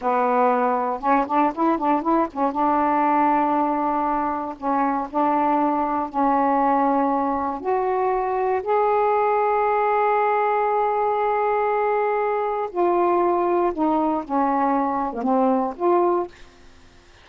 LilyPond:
\new Staff \with { instrumentName = "saxophone" } { \time 4/4 \tempo 4 = 118 b2 cis'8 d'8 e'8 d'8 | e'8 cis'8 d'2.~ | d'4 cis'4 d'2 | cis'2. fis'4~ |
fis'4 gis'2.~ | gis'1~ | gis'4 f'2 dis'4 | cis'4.~ cis'16 ais16 c'4 f'4 | }